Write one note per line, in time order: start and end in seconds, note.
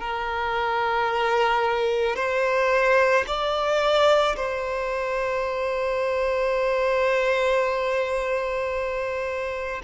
0.00 2.15 A#4
2.15 3.24 C5
3.27 4.36 D5
4.36 9.81 C5